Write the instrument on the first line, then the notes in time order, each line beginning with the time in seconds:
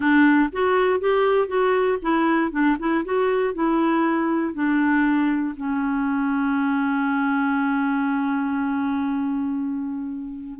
clarinet
0.00 D4
0.52 F#4
0.99 G4
1.47 F#4
2.02 E4
2.51 D4
2.79 E4
3.04 F#4
3.53 E4
4.54 D4
5.56 C#4